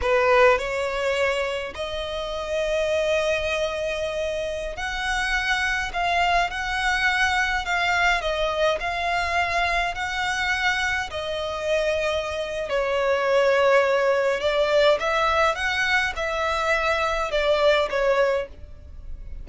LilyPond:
\new Staff \with { instrumentName = "violin" } { \time 4/4 \tempo 4 = 104 b'4 cis''2 dis''4~ | dis''1~ | dis''16 fis''2 f''4 fis''8.~ | fis''4~ fis''16 f''4 dis''4 f''8.~ |
f''4~ f''16 fis''2 dis''8.~ | dis''2 cis''2~ | cis''4 d''4 e''4 fis''4 | e''2 d''4 cis''4 | }